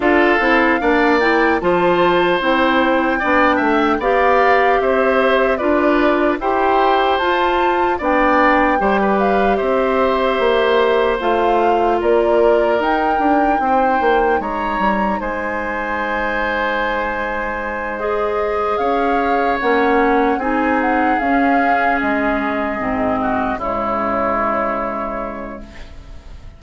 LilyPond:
<<
  \new Staff \with { instrumentName = "flute" } { \time 4/4 \tempo 4 = 75 f''4. g''8 a''4 g''4~ | g''4 f''4 e''4 d''4 | g''4 a''4 g''4. f''8 | e''2 f''4 d''4 |
g''2 ais''4 gis''4~ | gis''2~ gis''8 dis''4 f''8~ | f''8 fis''4 gis''8 fis''8 f''4 dis''8~ | dis''4. cis''2~ cis''8 | }
  \new Staff \with { instrumentName = "oboe" } { \time 4/4 a'4 d''4 c''2 | d''8 e''8 d''4 c''4 b'4 | c''2 d''4 c''16 b'8. | c''2. ais'4~ |
ais'4 c''4 cis''4 c''4~ | c''2.~ c''8 cis''8~ | cis''4. gis'2~ gis'8~ | gis'4 fis'8 e'2~ e'8 | }
  \new Staff \with { instrumentName = "clarinet" } { \time 4/4 f'8 e'8 d'8 e'8 f'4 e'4 | d'4 g'2 f'4 | g'4 f'4 d'4 g'4~ | g'2 f'2 |
dis'1~ | dis'2~ dis'8 gis'4.~ | gis'8 cis'4 dis'4 cis'4.~ | cis'8 c'4 gis2~ gis8 | }
  \new Staff \with { instrumentName = "bassoon" } { \time 4/4 d'8 c'8 ais4 f4 c'4 | b8 a8 b4 c'4 d'4 | e'4 f'4 b4 g4 | c'4 ais4 a4 ais4 |
dis'8 d'8 c'8 ais8 gis8 g8 gis4~ | gis2.~ gis8 cis'8~ | cis'8 ais4 c'4 cis'4 gis8~ | gis8 gis,4 cis2~ cis8 | }
>>